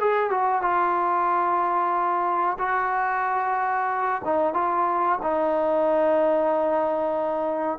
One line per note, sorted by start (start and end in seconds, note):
0.00 0.30 G#4
0.30 0.62 F#4
0.62 2.57 F4
2.58 4.22 F#4
4.25 4.54 D#4
4.54 5.19 F4
5.22 7.79 D#4